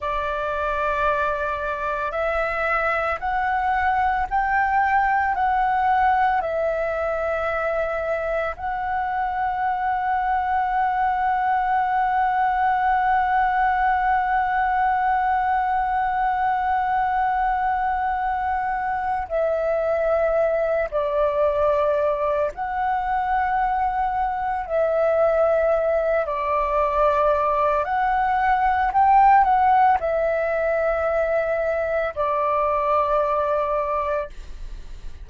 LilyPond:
\new Staff \with { instrumentName = "flute" } { \time 4/4 \tempo 4 = 56 d''2 e''4 fis''4 | g''4 fis''4 e''2 | fis''1~ | fis''1~ |
fis''2 e''4. d''8~ | d''4 fis''2 e''4~ | e''8 d''4. fis''4 g''8 fis''8 | e''2 d''2 | }